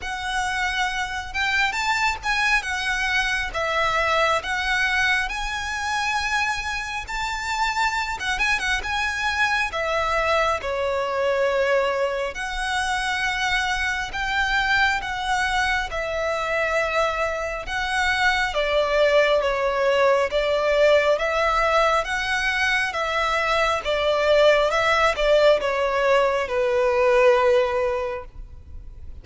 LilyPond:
\new Staff \with { instrumentName = "violin" } { \time 4/4 \tempo 4 = 68 fis''4. g''8 a''8 gis''8 fis''4 | e''4 fis''4 gis''2 | a''4~ a''16 fis''16 gis''16 fis''16 gis''4 e''4 | cis''2 fis''2 |
g''4 fis''4 e''2 | fis''4 d''4 cis''4 d''4 | e''4 fis''4 e''4 d''4 | e''8 d''8 cis''4 b'2 | }